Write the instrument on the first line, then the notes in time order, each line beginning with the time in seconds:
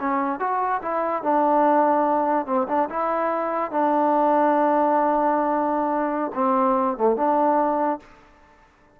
trombone
0.00 C#4
0.40 F#4
0.82 E4
1.23 D4
2.46 C4
2.68 D4
2.90 E4
3.71 D4
6.34 C4
6.97 A3
7.16 D4